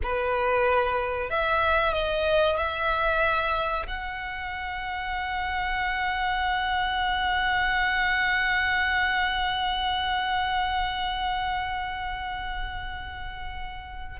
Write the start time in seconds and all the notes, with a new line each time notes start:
0.03 B4
1.30 E5
1.93 D#5
2.57 E5
3.87 F#5